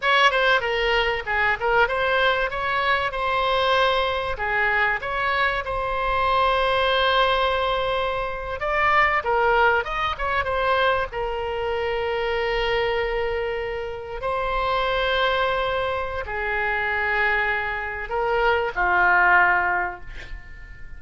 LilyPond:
\new Staff \with { instrumentName = "oboe" } { \time 4/4 \tempo 4 = 96 cis''8 c''8 ais'4 gis'8 ais'8 c''4 | cis''4 c''2 gis'4 | cis''4 c''2.~ | c''4.~ c''16 d''4 ais'4 dis''16~ |
dis''16 cis''8 c''4 ais'2~ ais'16~ | ais'2~ ais'8. c''4~ c''16~ | c''2 gis'2~ | gis'4 ais'4 f'2 | }